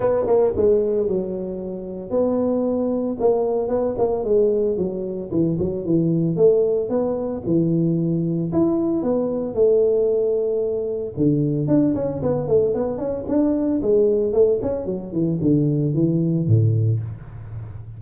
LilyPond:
\new Staff \with { instrumentName = "tuba" } { \time 4/4 \tempo 4 = 113 b8 ais8 gis4 fis2 | b2 ais4 b8 ais8 | gis4 fis4 e8 fis8 e4 | a4 b4 e2 |
e'4 b4 a2~ | a4 d4 d'8 cis'8 b8 a8 | b8 cis'8 d'4 gis4 a8 cis'8 | fis8 e8 d4 e4 a,4 | }